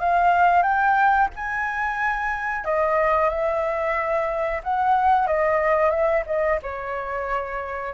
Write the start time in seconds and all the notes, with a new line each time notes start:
0.00 F5
0.63 G5
1.36 G#5
2.65 D#5
3.30 E5
4.64 F#5
5.27 D#5
5.91 E5
6.26 D#5
6.63 C#5